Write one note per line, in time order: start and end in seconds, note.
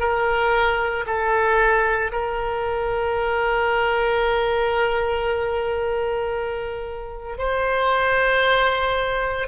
0.00 1.05 A#4
1.07 2.12 A4
2.12 7.38 A#4
7.38 9.48 C5